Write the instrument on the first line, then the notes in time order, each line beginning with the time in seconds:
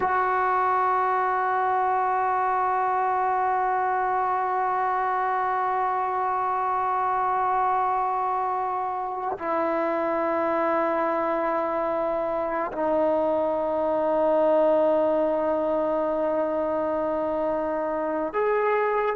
trombone
0.00 F#4
9.38 E4
12.72 D#4
18.33 G#4